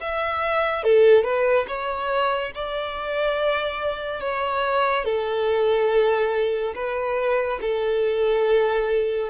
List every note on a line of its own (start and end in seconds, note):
0.00 0.83 E5
0.83 1.23 A4
1.23 1.66 B4
1.67 2.52 C#5
2.54 4.20 D5
4.20 5.04 C#5
5.04 6.73 A4
6.75 7.59 B4
7.61 9.29 A4